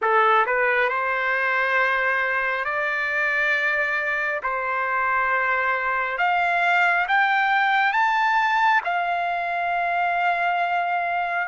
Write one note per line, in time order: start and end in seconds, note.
0.01 0.45 A4
0.46 0.89 B4
0.89 2.64 C5
2.64 4.41 D5
4.42 6.18 C5
6.18 7.06 F5
7.08 7.93 G5
7.93 8.81 A5
8.84 11.47 F5